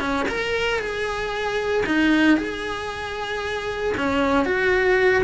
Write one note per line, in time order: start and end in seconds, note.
0.00 0.26 C#4
0.28 0.79 A#4
0.79 1.84 G#4
1.86 2.37 D#4
2.37 3.94 G#4
3.97 4.45 C#4
4.45 5.23 F#4